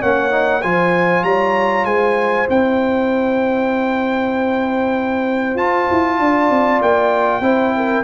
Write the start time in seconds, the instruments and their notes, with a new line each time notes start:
0.00 tuba A#3, trombone C#4, horn C#5, trumpet F#5
0.31 trombone D#4
0.62 tuba F3, trombone F4, horn C5, trumpet G#5
1.23 tuba G3, horn C#5, trumpet A#5
1.85 tuba G#3, horn C5, trumpet G#5
2.49 tuba C4, trombone E4, trumpet G5
5.56 tuba F4, trombone F4, trumpet A5
5.91 tuba E4
6.20 tuba D4, horn D5
6.50 tuba C4
6.82 tuba A#3, trumpet G5
7.41 tuba C4, trombone E4, horn C5
7.77 horn A#4